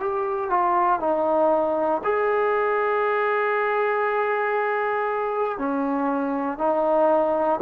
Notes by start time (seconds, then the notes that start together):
0.00 G4
0.50 F4
1.00 D#4
2.04 G#4
5.58 C#4
6.59 D#4